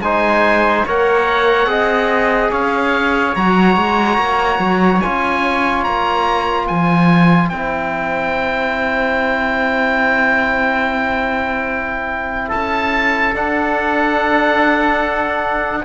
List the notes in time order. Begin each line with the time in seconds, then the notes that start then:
0.00 G#3 D#4 C5 G#5
0.86 A#3 A#4 C#5 F#5
1.67 C4 G#4 D#5
2.51 C#4 C#5 F5
3.36 F#3 F#4 A#5
3.77 G#3
4.18 A#3
4.59 F#3
5.01 C#4 F4 G#5
5.84 A#3 A#5
6.67 F3 C5 G#5
7.49 C4 E4 G5
12.48 A4 A5
12.55 C#4
13.35 D4 F#5